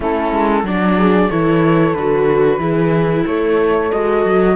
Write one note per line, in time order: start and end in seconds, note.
0.00 0.32 A3
0.00 0.64 C#4
0.00 0.63 E4
0.00 0.66 A4
0.32 0.63 G#3
0.63 1.28 F#3
0.63 1.31 D4
0.63 1.30 D5
0.70 0.98 F#4
0.98 1.29 G#4
1.29 1.95 E3
1.29 1.96 E4
1.29 2.60 A4
1.29 1.94 C#5
1.94 2.57 D3
1.94 2.59 F#4
1.94 3.24 B4
2.57 3.23 E3
2.57 3.90 E4
2.57 3.25 G#4
3.26 3.91 A3
3.26 4.56 A4
3.26 3.91 C#5
3.91 4.25 G#3
3.91 4.56 F#4
3.91 4.56 D#5
4.25 4.56 F#3